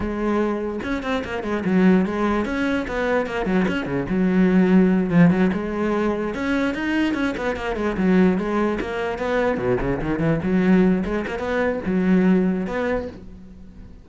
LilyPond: \new Staff \with { instrumentName = "cello" } { \time 4/4 \tempo 4 = 147 gis2 cis'8 c'8 ais8 gis8 | fis4 gis4 cis'4 b4 | ais8 fis8 cis'8 cis8 fis2~ | fis8 f8 fis8 gis2 cis'8~ |
cis'8 dis'4 cis'8 b8 ais8 gis8 fis8~ | fis8 gis4 ais4 b4 b,8 | cis8 dis8 e8 fis4. gis8 ais8 | b4 fis2 b4 | }